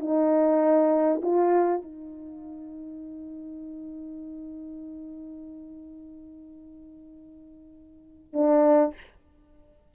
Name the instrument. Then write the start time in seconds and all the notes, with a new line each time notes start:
horn
0.00 D#4
1.22 F4
1.82 D#4
8.33 D4